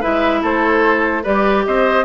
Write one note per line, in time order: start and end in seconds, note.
0.00 0.42 G#3
0.00 1.24 E4
0.00 0.41 B4
0.00 0.43 E5
0.42 1.23 A3
0.42 1.23 A4
0.42 1.24 C5
1.23 1.66 G3
1.23 2.05 G4
1.23 1.64 B4
1.23 1.65 D5
1.65 2.05 C4
1.65 2.05 C5
1.65 2.05 D#5